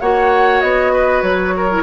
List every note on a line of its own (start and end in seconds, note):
0.00 0.62 A#3
0.00 1.70 F#4
0.00 0.92 C#5
0.00 0.61 F#5
0.61 1.22 B3
0.61 1.22 D#5
0.92 1.54 B4
1.22 1.83 F#3
1.22 1.83 C#5
1.56 1.83 A#4
1.71 1.83 E4